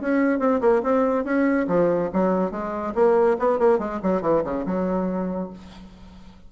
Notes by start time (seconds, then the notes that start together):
0.00 C#4
0.39 C4
0.60 A#3
0.83 C4
1.24 C#4
1.67 F3
2.13 F#3
2.51 G#3
2.94 A#3
3.39 B3
3.59 A#3
3.78 G#3
4.02 F#3
4.21 E3
4.44 C#3
4.65 F#3